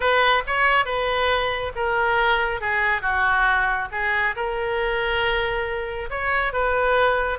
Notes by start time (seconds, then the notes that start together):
0.00 B4
0.46 C#5
0.85 B4
1.75 A#4
2.60 G#4
3.01 F#4
3.91 G#4
4.35 A#4
6.09 C#5
6.52 B4